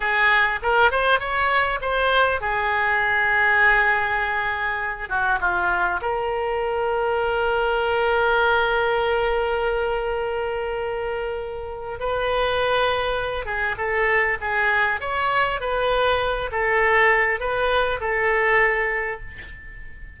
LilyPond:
\new Staff \with { instrumentName = "oboe" } { \time 4/4 \tempo 4 = 100 gis'4 ais'8 c''8 cis''4 c''4 | gis'1~ | gis'8 fis'8 f'4 ais'2~ | ais'1~ |
ais'1 | b'2~ b'8 gis'8 a'4 | gis'4 cis''4 b'4. a'8~ | a'4 b'4 a'2 | }